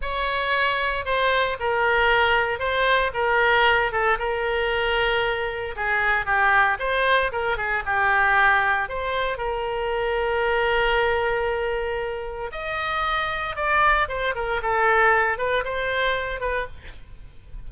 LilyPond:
\new Staff \with { instrumentName = "oboe" } { \time 4/4 \tempo 4 = 115 cis''2 c''4 ais'4~ | ais'4 c''4 ais'4. a'8 | ais'2. gis'4 | g'4 c''4 ais'8 gis'8 g'4~ |
g'4 c''4 ais'2~ | ais'1 | dis''2 d''4 c''8 ais'8 | a'4. b'8 c''4. b'8 | }